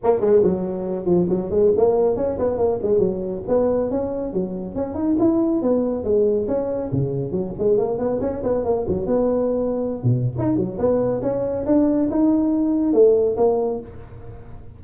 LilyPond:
\new Staff \with { instrumentName = "tuba" } { \time 4/4 \tempo 4 = 139 ais8 gis8 fis4. f8 fis8 gis8 | ais4 cis'8 b8 ais8 gis8 fis4 | b4 cis'4 fis4 cis'8 dis'8 | e'4 b4 gis4 cis'4 |
cis4 fis8 gis8 ais8 b8 cis'8 b8 | ais8 fis8 b2~ b16 b,8. | dis'8 fis8 b4 cis'4 d'4 | dis'2 a4 ais4 | }